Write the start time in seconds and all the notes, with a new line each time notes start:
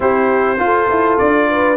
0.00 C4 E4 G4 C5
0.59 F4 A4
0.90 E4
1.17 D4 D5
1.50 B4